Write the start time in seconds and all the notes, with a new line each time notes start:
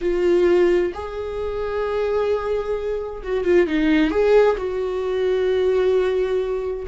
0.01 F4
0.93 G#4
3.23 F#4
3.44 F4
3.67 D#4
4.10 G#4
4.57 F#4